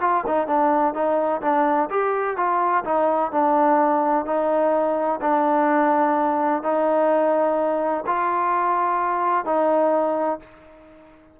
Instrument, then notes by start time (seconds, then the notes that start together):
trombone
0.00 F4
0.26 D#4
0.47 D4
0.93 D#4
1.41 D4
1.89 G4
2.36 F4
2.84 D#4
3.31 D4
4.25 D#4
5.21 D4
6.62 D#4
8.06 F4
9.45 D#4